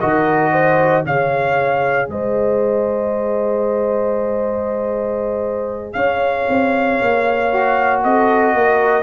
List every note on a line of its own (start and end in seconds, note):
0.00 1.05 D#3
0.00 1.04 F#4
0.00 0.52 A#4
0.00 1.03 D#5
0.52 1.03 C5
1.04 2.09 C#3
1.04 7.51 G#4
1.04 2.10 C#5
1.04 2.10 F5
2.09 5.95 G#3
2.09 5.96 C5
2.09 5.93 D#5
5.93 6.46 C#4
5.93 8.03 C#5
5.93 8.00 F5
6.49 7.01 C4
7.01 8.04 A#3
7.52 9.03 F#4
8.04 8.54 C4
8.04 8.55 A4
8.04 9.03 D#5
8.54 9.03 A#3
8.54 9.03 A#4